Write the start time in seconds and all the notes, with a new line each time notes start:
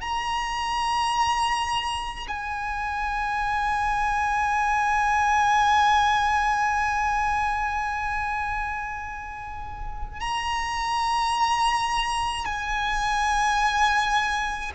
0.00 A#5
2.27 G#5
10.20 A#5
12.45 G#5